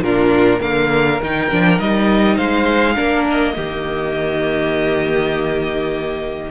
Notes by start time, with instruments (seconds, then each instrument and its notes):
0.00 cello A#2, viola D4, violin F4 A#4
0.60 cello D3, viola A#3, violin A#4 F5
1.22 cello D#3, viola D#4, violin G5
1.50 cello F3, viola D4
1.78 cello G3, viola D#4, violin D#5
2.35 cello G#3, violin C5 F5
2.95 cello A#3, viola D4, violin A#4
3.30 violin D#5
3.54 cello D#3, viola A#3, violin G4